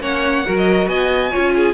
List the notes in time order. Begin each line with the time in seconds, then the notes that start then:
0.00 A#3 C#4 C#5 F#5
0.46 F#3 F#4 A#4
0.57 D#5
0.88 B3 D#5 G#5
1.31 C#4 F4 C#5
1.55 G#4